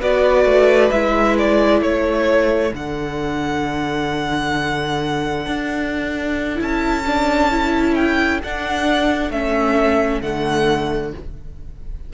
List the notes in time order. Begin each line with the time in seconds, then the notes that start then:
0.00 B3 F#4 B4 D5
0.45 A3
0.91 G#3 E4 E5
1.38 D5
1.81 A3 A4 C#5
2.73 D3 D4 F#5
5.46 D4
6.55 C#4 E4 A5
7.06 D4
7.51 E4
7.95 G5
8.43 D4 F#5
9.30 A3 C#4 E5
10.21 D3 A3 F#5